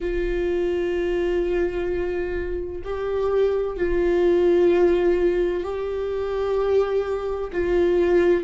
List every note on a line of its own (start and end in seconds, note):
0.00 2.82 F4
2.84 3.76 G4
3.76 5.63 F4
5.63 7.50 G4
7.52 8.43 F4